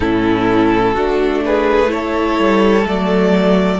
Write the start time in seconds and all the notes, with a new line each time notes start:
0.00 A2 C#4 E4 A4
0.93 A3 D4 F#4
1.45 G#4 B4
1.87 E4 A4 C#5
2.38 G3
2.84 F#3 A3 D5